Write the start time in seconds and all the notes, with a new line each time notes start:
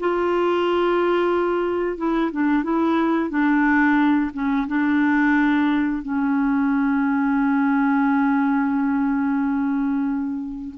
0.00 F4
1.98 E4
2.33 D4
2.64 E4
3.30 D4
4.34 C#4
4.68 D4
6.03 C#4